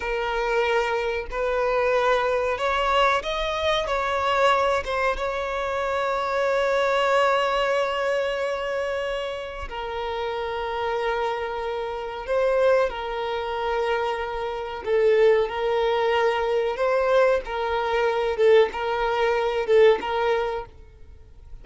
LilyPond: \new Staff \with { instrumentName = "violin" } { \time 4/4 \tempo 4 = 93 ais'2 b'2 | cis''4 dis''4 cis''4. c''8 | cis''1~ | cis''2. ais'4~ |
ais'2. c''4 | ais'2. a'4 | ais'2 c''4 ais'4~ | ais'8 a'8 ais'4. a'8 ais'4 | }